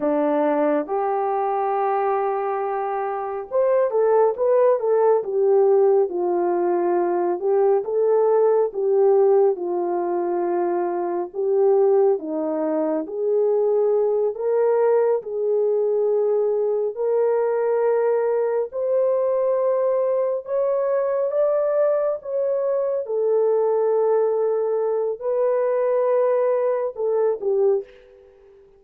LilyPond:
\new Staff \with { instrumentName = "horn" } { \time 4/4 \tempo 4 = 69 d'4 g'2. | c''8 a'8 b'8 a'8 g'4 f'4~ | f'8 g'8 a'4 g'4 f'4~ | f'4 g'4 dis'4 gis'4~ |
gis'8 ais'4 gis'2 ais'8~ | ais'4. c''2 cis''8~ | cis''8 d''4 cis''4 a'4.~ | a'4 b'2 a'8 g'8 | }